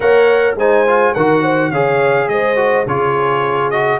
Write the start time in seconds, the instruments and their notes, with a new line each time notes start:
0.00 tuba A#3, trombone A#4, horn C#5, trumpet F#5
0.55 tuba G#3, trombone D#4, horn C5, trumpet G#5
0.87 trombone F4
1.13 tuba D#3, trombone F#4, horn A#4, trumpet F#5
1.42 horn C5
1.71 tuba C#3, trombone G#4, horn C#5, trumpet F5
2.28 tuba G#3, horn C5, trumpet D#5
2.56 trombone F#4
2.86 tuba C#3, trombone F4, horn G#4, trumpet C#5
3.70 trombone F#4, trumpet D#5